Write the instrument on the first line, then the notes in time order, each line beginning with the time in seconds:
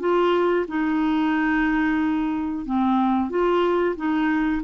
clarinet
0.00 F4
0.68 D#4
2.66 C4
3.30 F4
3.97 D#4